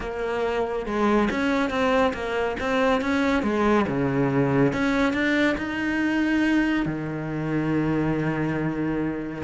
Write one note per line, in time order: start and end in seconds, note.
0.00 0.86 A#3
0.86 1.29 G#3
1.30 1.70 C#4
1.70 2.13 C4
2.13 2.56 A#3
2.59 3.01 C4
3.01 3.42 C#4
3.42 3.85 G#3
3.87 4.72 C#3
4.72 5.13 C#4
5.13 5.56 D4
5.57 6.85 D#4
6.85 9.42 D#3